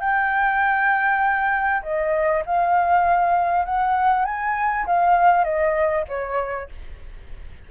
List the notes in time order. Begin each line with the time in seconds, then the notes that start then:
0.00 G5
1.83 D#5
2.46 F5
3.65 F#5
4.25 G#5
4.86 F5
5.44 D#5
6.08 C#5